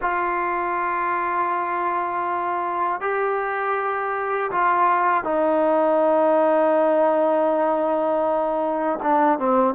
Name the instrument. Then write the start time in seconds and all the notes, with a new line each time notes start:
trombone
0.01 F4
3.00 G4
4.51 F4
5.24 D#4
9.02 D4
9.39 C4